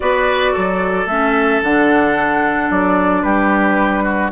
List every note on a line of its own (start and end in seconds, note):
0.00 0.55 B3
0.00 1.06 F#4
0.00 0.51 B4
0.00 1.07 D5
0.51 1.05 F#3
0.51 3.22 A4
1.05 1.59 A3
1.05 1.64 C#4
1.05 1.61 E5
1.63 2.70 D3
1.63 4.31 D4
1.63 2.70 F#5
2.70 3.23 F#3
2.70 3.22 D5
3.22 4.31 G3
3.22 4.03 G4
3.22 4.30 B4
4.03 4.30 F#4